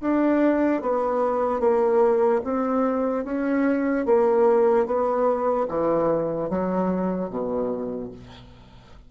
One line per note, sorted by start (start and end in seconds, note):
0.00 0.81 D4
0.81 1.60 B3
1.60 2.41 A#3
2.44 3.24 C4
3.24 4.05 C#4
4.05 4.86 A#3
4.86 5.67 B3
5.68 6.49 E3
6.49 7.29 F#3
7.29 8.10 B2